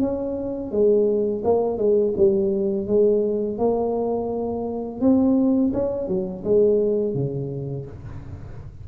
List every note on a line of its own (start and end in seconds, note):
0.00 0.71 C#4
0.71 1.43 G#3
1.44 1.78 A#3
1.78 2.14 G#3
2.17 2.87 G3
2.87 3.58 G#3
3.58 5.01 A#3
5.01 5.72 C4
5.74 6.08 C#4
6.08 6.44 F#3
6.44 7.15 G#3
7.15 7.86 C#3